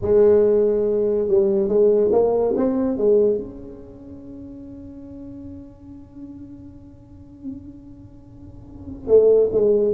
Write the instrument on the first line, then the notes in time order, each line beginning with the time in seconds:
tuba
0.01 G#3
1.28 G3
1.68 G#3
2.12 A#3
2.56 C4
2.97 G#3
3.37 C#4
9.07 A3
9.52 G#3